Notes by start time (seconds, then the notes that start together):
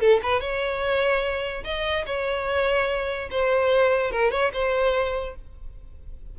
0.00 A4
0.23 B4
0.41 C#5
1.64 D#5
2.06 C#5
3.31 C5
4.11 A#4
4.31 C#5
4.53 C5